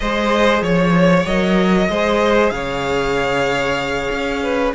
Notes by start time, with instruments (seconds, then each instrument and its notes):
0.00 cello G#3, viola G#4, violin C5 D#5
0.62 cello F3, violin C#5
1.25 cello F#3, viola A#4, violin D#5
1.89 cello G#3, viola G#4, violin C5
2.49 cello C#3, violin C#5 F5
4.10 cello C#4
4.42 violin B4